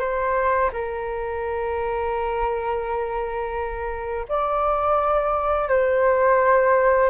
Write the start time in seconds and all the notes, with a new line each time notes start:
0.00 C5
0.73 A#4
4.29 D5
5.69 C5